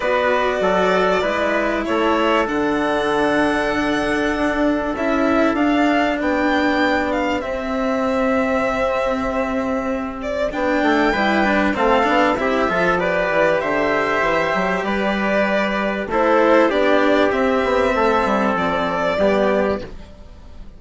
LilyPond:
<<
  \new Staff \with { instrumentName = "violin" } { \time 4/4 \tempo 4 = 97 d''2. cis''4 | fis''1 | e''4 f''4 g''4. f''8 | e''1~ |
e''8 d''8 g''2 f''4 | e''4 d''4 e''2 | d''2 c''4 d''4 | e''2 d''2 | }
  \new Staff \with { instrumentName = "trumpet" } { \time 4/4 b'4 a'4 b'4 a'4~ | a'1~ | a'2 g'2~ | g'1~ |
g'4. a'8 b'4 a'4 | g'8 a'8 b'4 c''2 | b'2 a'4 g'4~ | g'4 a'2 g'4 | }
  \new Staff \with { instrumentName = "cello" } { \time 4/4 fis'2 e'2 | d'1 | e'4 d'2. | c'1~ |
c'4 d'4 e'8 d'8 c'8 d'8 | e'8 f'8 g'2.~ | g'2 e'4 d'4 | c'2. b4 | }
  \new Staff \with { instrumentName = "bassoon" } { \time 4/4 b4 fis4 gis4 a4 | d2. d'4 | cis'4 d'4 b2 | c'1~ |
c'4 b8 a8 g4 a8 b8 | c'8 f4 e8 d4 e8 fis8 | g2 a4 b4 | c'8 b8 a8 g8 f4 g4 | }
>>